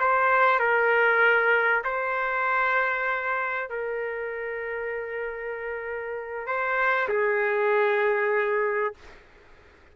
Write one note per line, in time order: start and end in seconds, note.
0.00 0.60 C5
0.60 1.83 A#4
1.84 3.70 C5
3.70 6.47 A#4
6.47 7.09 C5
7.09 8.94 G#4